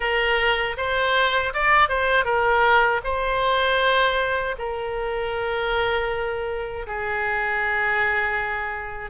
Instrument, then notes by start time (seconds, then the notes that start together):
oboe
0.00 A#4
0.77 C5
1.53 D5
1.88 C5
2.24 A#4
3.03 C5
4.58 A#4
6.87 G#4